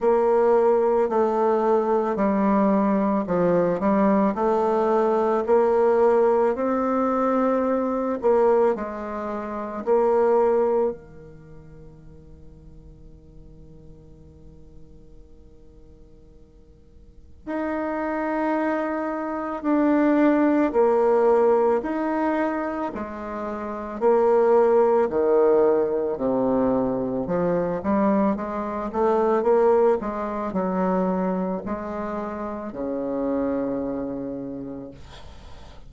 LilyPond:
\new Staff \with { instrumentName = "bassoon" } { \time 4/4 \tempo 4 = 55 ais4 a4 g4 f8 g8 | a4 ais4 c'4. ais8 | gis4 ais4 dis2~ | dis1 |
dis'2 d'4 ais4 | dis'4 gis4 ais4 dis4 | c4 f8 g8 gis8 a8 ais8 gis8 | fis4 gis4 cis2 | }